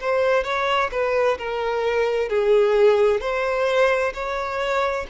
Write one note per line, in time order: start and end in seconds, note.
0.00 0.44 C5
0.44 0.90 C#5
0.91 1.37 B4
1.38 2.29 A#4
2.29 3.20 G#4
3.20 4.12 C5
4.14 5.06 C#5